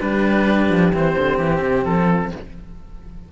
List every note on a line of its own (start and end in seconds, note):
0.00 0.69 G3
0.00 0.92 D4
0.00 2.09 G4
0.00 0.92 B4
0.69 0.92 F3
0.92 1.15 E3
0.92 2.32 C4
0.92 1.38 C5
1.18 1.38 D3
1.38 1.61 E3
1.38 1.84 G4
1.62 1.85 C3
1.85 2.31 F3
1.85 2.31 A4
2.09 2.32 F4